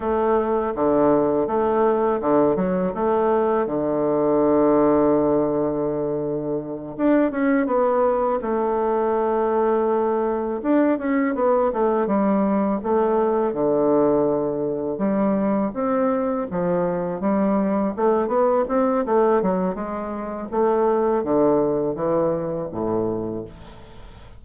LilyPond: \new Staff \with { instrumentName = "bassoon" } { \time 4/4 \tempo 4 = 82 a4 d4 a4 d8 fis8 | a4 d2.~ | d4. d'8 cis'8 b4 a8~ | a2~ a8 d'8 cis'8 b8 |
a8 g4 a4 d4.~ | d8 g4 c'4 f4 g8~ | g8 a8 b8 c'8 a8 fis8 gis4 | a4 d4 e4 a,4 | }